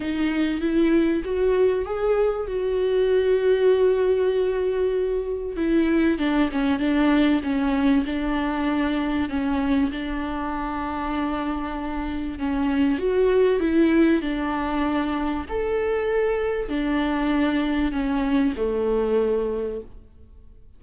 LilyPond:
\new Staff \with { instrumentName = "viola" } { \time 4/4 \tempo 4 = 97 dis'4 e'4 fis'4 gis'4 | fis'1~ | fis'4 e'4 d'8 cis'8 d'4 | cis'4 d'2 cis'4 |
d'1 | cis'4 fis'4 e'4 d'4~ | d'4 a'2 d'4~ | d'4 cis'4 a2 | }